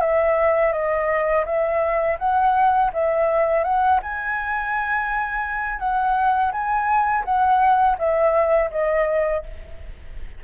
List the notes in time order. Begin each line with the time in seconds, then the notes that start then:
0.00 E5
0.72 D#5
1.45 E5
2.19 F#5
2.93 E5
3.64 F#5
4.02 G#5
5.79 F#5
6.52 G#5
7.25 F#5
7.98 E5
8.70 D#5